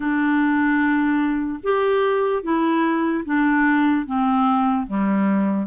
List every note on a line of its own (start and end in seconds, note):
0.00 1.59 D4
1.63 2.43 G4
2.43 3.24 E4
3.25 4.05 D4
4.05 4.86 C4
4.86 5.66 G3